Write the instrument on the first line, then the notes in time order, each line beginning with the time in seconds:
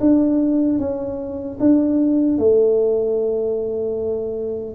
tuba
0.00 D4
0.79 C#4
1.59 D4
2.38 A3